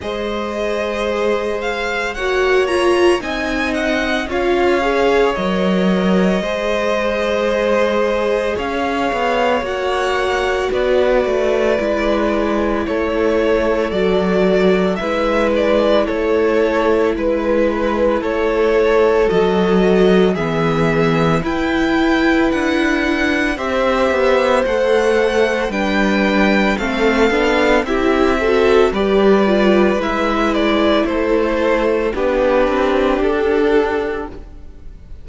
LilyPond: <<
  \new Staff \with { instrumentName = "violin" } { \time 4/4 \tempo 4 = 56 dis''4. f''8 fis''8 ais''8 gis''8 fis''8 | f''4 dis''2. | f''4 fis''4 d''2 | cis''4 d''4 e''8 d''8 cis''4 |
b'4 cis''4 dis''4 e''4 | g''4 fis''4 e''4 fis''4 | g''4 f''4 e''4 d''4 | e''8 d''8 c''4 b'4 a'4 | }
  \new Staff \with { instrumentName = "violin" } { \time 4/4 c''2 cis''4 dis''4 | cis''2 c''2 | cis''2 b'2 | a'2 b'4 a'4 |
b'4 a'2 gis'4 | b'2 c''2 | b'4 a'4 g'8 a'8 b'4~ | b'4 a'4 g'2 | }
  \new Staff \with { instrumentName = "viola" } { \time 4/4 gis'2 fis'8 f'8 dis'4 | f'8 gis'8 ais'4 gis'2~ | gis'4 fis'2 e'4~ | e'4 fis'4 e'2~ |
e'2 fis'4 b4 | e'2 g'4 a'4 | d'4 c'8 d'8 e'8 fis'8 g'8 f'8 | e'2 d'2 | }
  \new Staff \with { instrumentName = "cello" } { \time 4/4 gis2 ais4 c'4 | cis'4 fis4 gis2 | cis'8 b8 ais4 b8 a8 gis4 | a4 fis4 gis4 a4 |
gis4 a4 fis4 e4 | e'4 d'4 c'8 b8 a4 | g4 a8 b8 c'4 g4 | gis4 a4 b8 c'8 d'4 | }
>>